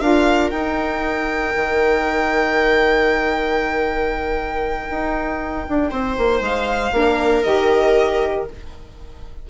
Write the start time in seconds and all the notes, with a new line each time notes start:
0.00 D4 F4 A#4 F5
0.51 D#4 G5
1.56 D#3
4.90 D#4
5.69 D4
5.90 C4 C5
6.17 A#3
6.40 G#3 F5
6.92 A#3 D4 A#4
7.43 D#3 G4 D#5